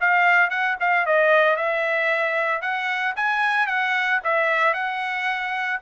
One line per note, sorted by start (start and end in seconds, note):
0.00 0.50 F5
0.50 0.76 F#5
0.80 1.06 F5
1.06 1.56 D#5
1.56 2.61 E5
2.61 3.14 F#5
3.16 3.67 G#5
3.67 4.20 F#5
4.24 4.74 E5
4.74 5.80 F#5